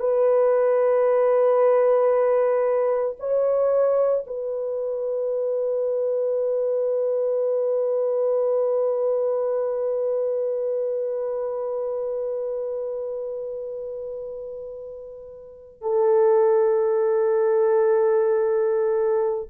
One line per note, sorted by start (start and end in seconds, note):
0.00 3.16 B4
3.19 4.24 C#5
4.27 15.81 B4
15.81 19.50 A4